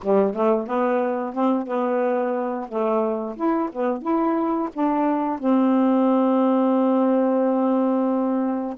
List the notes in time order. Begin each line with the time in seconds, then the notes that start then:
0.02 G3
0.34 A3
0.67 B3
1.33 C4
1.67 B3
2.68 A3
3.36 E4
3.72 B3
4.01 E4
4.73 D4
5.39 C4